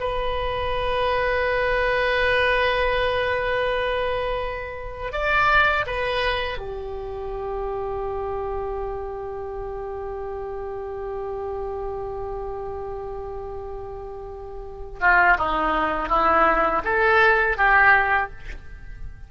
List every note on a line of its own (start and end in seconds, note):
0.00 5.12 B4
5.12 5.85 D5
5.86 6.58 B4
6.58 14.99 G4
15.00 15.37 F4
15.37 16.08 D#4
16.08 16.82 E4
16.84 17.57 A4
17.57 18.30 G4